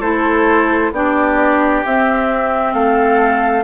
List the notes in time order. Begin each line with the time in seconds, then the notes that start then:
0.00 A3 E4 A4 C5
0.92 B3 D4 G4 D5
1.86 C4 E5
2.73 A3 A4 F5